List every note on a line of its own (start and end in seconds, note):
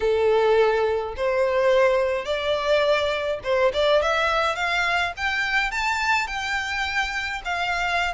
0.00 1.14 A4
1.16 2.25 C5
2.25 3.39 D5
3.43 3.72 C5
3.73 4.02 D5
4.02 4.55 E5
4.55 5.12 F5
5.16 5.71 G5
5.71 6.27 A5
6.27 7.41 G5
7.44 8.14 F5